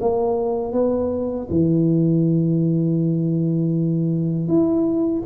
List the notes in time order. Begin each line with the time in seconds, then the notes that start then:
0.00 A#3
0.72 B3
1.49 E3
4.48 E4